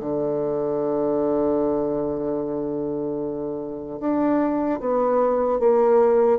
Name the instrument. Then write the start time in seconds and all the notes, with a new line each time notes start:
bassoon
0.00 D3
4.00 D4
4.80 B3
5.60 A#3